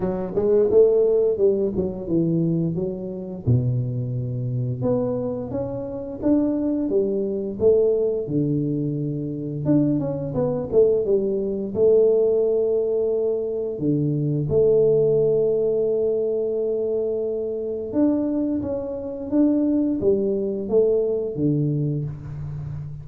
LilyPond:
\new Staff \with { instrumentName = "tuba" } { \time 4/4 \tempo 4 = 87 fis8 gis8 a4 g8 fis8 e4 | fis4 b,2 b4 | cis'4 d'4 g4 a4 | d2 d'8 cis'8 b8 a8 |
g4 a2. | d4 a2.~ | a2 d'4 cis'4 | d'4 g4 a4 d4 | }